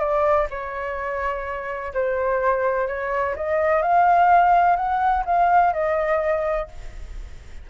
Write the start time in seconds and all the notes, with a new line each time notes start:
0.00 D5
0.51 C#5
1.94 C5
2.88 C#5
3.36 D#5
3.83 F5
4.77 F#5
5.26 F5
5.73 D#5